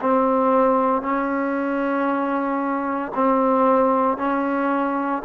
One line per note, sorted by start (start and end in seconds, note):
0.00 1.01 C4
1.01 3.12 C#4
3.14 4.17 C4
4.17 5.22 C#4